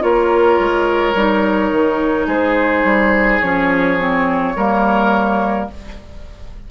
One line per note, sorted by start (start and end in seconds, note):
0.00 0.58 A#3
0.00 1.13 F4
0.00 2.26 A#4
0.00 2.28 C#5
0.58 1.14 G#3
1.14 1.71 G3
1.14 3.42 D#4
1.71 2.26 D#3
2.26 2.83 G#3
2.26 4.53 G#4
2.26 3.40 C5
2.83 3.40 G3
3.40 4.54 F3
3.40 3.98 C#4
3.40 5.66 C#5
3.98 4.54 C4
4.55 5.68 G3
4.55 5.70 A#3
4.55 5.69 A#4